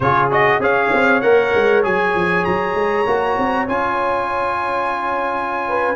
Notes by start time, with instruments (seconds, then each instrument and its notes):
0.00 tuba C#3, trombone F4, horn G#4, trumpet C#5
0.30 trombone F#4, trumpet D#5
0.59 tuba C#4, trombone G#4, horn C#5, trumpet F5
0.92 tuba C4
1.21 tuba A#3, trombone A#4, trumpet F#5
1.54 tuba G#3
1.83 tuba F#3, trombone G#4, trumpet G#5
2.14 tuba F3
2.44 tuba F#3, trumpet A#5
2.74 tuba G#3
3.06 tuba A#3, trombone F#4
3.37 tuba C4
3.68 tuba C#4, trombone F4, trumpet G#5
5.67 horn B4